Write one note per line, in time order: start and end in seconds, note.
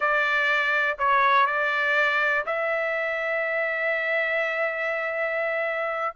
0.00 0.97 D5
0.98 1.46 C#5
1.46 2.45 D5
2.46 6.15 E5